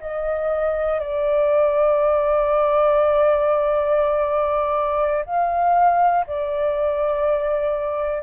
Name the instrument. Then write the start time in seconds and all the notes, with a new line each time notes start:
flute
0.00 D#5
1.00 D5
5.25 F5
6.26 D5